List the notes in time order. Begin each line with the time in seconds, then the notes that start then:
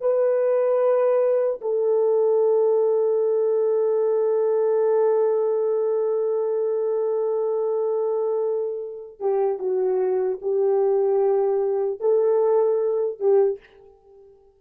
0.00 B4
1.61 A4
9.19 G4
9.58 F#4
10.41 G4
12.00 A4
13.19 G4